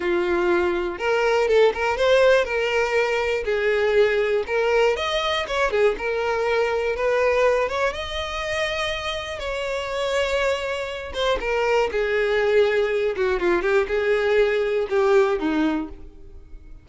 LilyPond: \new Staff \with { instrumentName = "violin" } { \time 4/4 \tempo 4 = 121 f'2 ais'4 a'8 ais'8 | c''4 ais'2 gis'4~ | gis'4 ais'4 dis''4 cis''8 gis'8 | ais'2 b'4. cis''8 |
dis''2. cis''4~ | cis''2~ cis''8 c''8 ais'4 | gis'2~ gis'8 fis'8 f'8 g'8 | gis'2 g'4 dis'4 | }